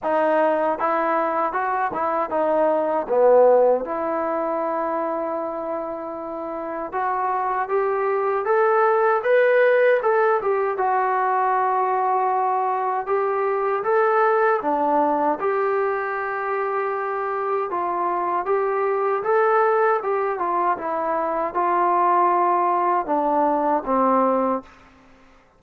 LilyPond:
\new Staff \with { instrumentName = "trombone" } { \time 4/4 \tempo 4 = 78 dis'4 e'4 fis'8 e'8 dis'4 | b4 e'2.~ | e'4 fis'4 g'4 a'4 | b'4 a'8 g'8 fis'2~ |
fis'4 g'4 a'4 d'4 | g'2. f'4 | g'4 a'4 g'8 f'8 e'4 | f'2 d'4 c'4 | }